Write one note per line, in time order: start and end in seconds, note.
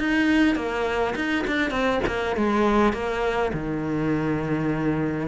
0.00 0.56 D#4
0.56 1.15 A#3
1.16 1.45 D#4
1.47 1.71 D4
1.71 2.00 C4
2.07 2.36 A#3
2.36 2.93 G#3
2.93 3.52 A#3
3.53 5.28 D#3